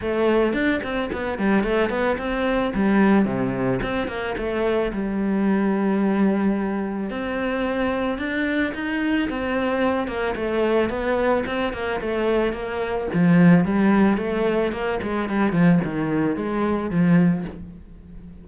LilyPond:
\new Staff \with { instrumentName = "cello" } { \time 4/4 \tempo 4 = 110 a4 d'8 c'8 b8 g8 a8 b8 | c'4 g4 c4 c'8 ais8 | a4 g2.~ | g4 c'2 d'4 |
dis'4 c'4. ais8 a4 | b4 c'8 ais8 a4 ais4 | f4 g4 a4 ais8 gis8 | g8 f8 dis4 gis4 f4 | }